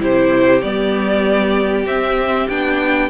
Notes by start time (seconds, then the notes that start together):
0.00 C3 E4 G4 C5
0.62 G3 B3 D5
1.86 C4 E5
2.49 B3 D4 G5